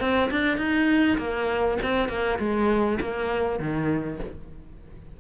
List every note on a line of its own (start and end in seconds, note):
0.00 0.30 C4
0.31 0.58 D4
0.58 1.18 D#4
1.18 1.78 A#3
1.83 2.09 C4
2.09 2.39 A#3
2.39 2.99 G#3
3.01 3.59 A#3
3.59 4.19 D#3